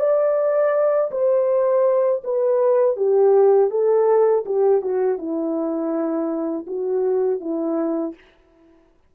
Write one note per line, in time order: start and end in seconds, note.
0.00 1.11 D5
1.11 2.23 C5
2.24 2.97 B4
2.97 3.70 G4
3.70 4.44 A4
4.46 4.82 G4
4.82 5.18 F#4
5.18 6.66 E4
6.67 7.40 F#4
7.40 8.14 E4